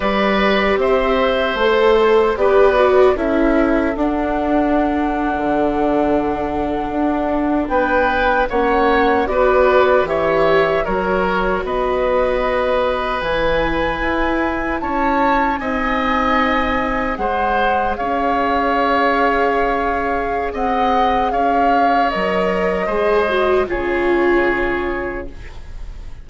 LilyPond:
<<
  \new Staff \with { instrumentName = "flute" } { \time 4/4 \tempo 4 = 76 d''4 e''4 c''4 d''4 | e''4 fis''2.~ | fis''4.~ fis''16 g''4 fis''4 d''16~ | d''8. e''4 cis''4 dis''4~ dis''16~ |
dis''8. gis''2 a''4 gis''16~ | gis''4.~ gis''16 fis''4 f''4~ f''16~ | f''2 fis''4 f''4 | dis''2 cis''2 | }
  \new Staff \with { instrumentName = "oboe" } { \time 4/4 b'4 c''2 b'4 | a'1~ | a'4.~ a'16 b'4 cis''4 b'16~ | b'8. cis''4 ais'4 b'4~ b'16~ |
b'2~ b'8. cis''4 dis''16~ | dis''4.~ dis''16 c''4 cis''4~ cis''16~ | cis''2 dis''4 cis''4~ | cis''4 c''4 gis'2 | }
  \new Staff \with { instrumentName = "viola" } { \time 4/4 g'2 a'4 g'8 fis'8 | e'4 d'2.~ | d'2~ d'8. cis'4 fis'16~ | fis'8. g'4 fis'2~ fis'16~ |
fis'8. e'2. dis'16~ | dis'4.~ dis'16 gis'2~ gis'16~ | gis'1 | ais'4 gis'8 fis'8 f'2 | }
  \new Staff \with { instrumentName = "bassoon" } { \time 4/4 g4 c'4 a4 b4 | cis'4 d'4.~ d'16 d4~ d16~ | d8. d'4 b4 ais4 b16~ | b8. e4 fis4 b4~ b16~ |
b8. e4 e'4 cis'4 c'16~ | c'4.~ c'16 gis4 cis'4~ cis'16~ | cis'2 c'4 cis'4 | fis4 gis4 cis2 | }
>>